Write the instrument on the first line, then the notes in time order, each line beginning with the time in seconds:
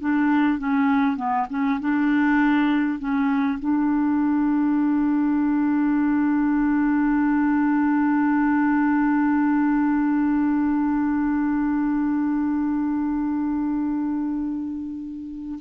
clarinet
0.00 D4
0.58 C#4
1.16 B3
1.49 C#4
1.80 D4
2.99 C#4
3.59 D4